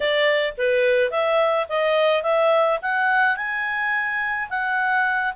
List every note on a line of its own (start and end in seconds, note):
0.00 0.53 D5
0.57 1.10 B4
1.10 1.66 E5
1.68 2.23 D#5
2.23 2.79 E5
2.82 3.36 F#5
3.36 4.48 G#5
4.49 5.33 F#5